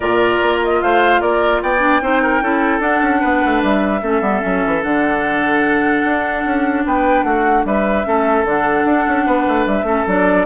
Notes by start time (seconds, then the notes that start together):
0.00 A#2 F4 A#4 D5
0.42 A#3
0.64 D#5
0.82 A3 C5 F5
1.20 A#3 A#4 D5
1.62 B3 D5 G5
1.79 D4
2.01 C4 D#4 C5
2.22 A#4
2.41 C#4 E4 A4
2.79 D4 F#5
3.02 C#4
3.20 B3 B4
3.45 A3
3.62 G3 E5
4.01 A3 C#4 A4
4.21 G3 B3
4.41 F#3 C#4
4.65 E3
4.82 D3 D4 F#5
6.04 D4
6.45 C#4
6.85 B3 B4 G5
7.23 A3 F#4 F#5
7.64 G3 B4 E5
8.05 A3 C#4 A4
8.44 D3 D4 F#5
8.85 D4
9.08 C#4
9.25 B3 B4
9.47 A3
9.66 G3 E5
9.82 A3 C#4 A4
10.06 F#3 D4 D5